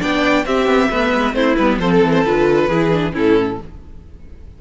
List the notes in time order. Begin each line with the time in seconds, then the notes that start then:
0.00 B3 D4 D5 G5
0.46 C4 G4 E5
0.67 B3
0.91 A3 B3 B4
1.15 G#3
1.33 A3 C4 E4 C5
1.57 G3 B3 B4
1.79 F3 C4 A4 C5
1.92 A4
2.03 E3
2.13 C5
2.25 D3 F4 B4
2.68 E3 E4 G#4
2.92 D4
3.13 A2 C#4 E4 A4